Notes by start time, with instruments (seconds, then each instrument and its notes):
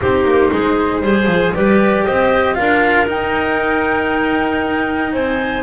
0.00 double bass C4, cello D#4, clarinet G4, flute C5
0.24 double bass A#3
0.52 double bass G#3, clarinet G#4
1.01 double bass G3, cello G#4, clarinet C5
1.26 double bass F3
1.54 double bass G3, cello G4, clarinet B4, flute D5
2.04 double bass C4, clarinet C5, flute D#5
2.54 double bass D4, cello F4, clarinet A#4, flute F5
3.07 cello D#4, double bass D#4, flute G5
5.12 double bass C4, clarinet C5, flute G#5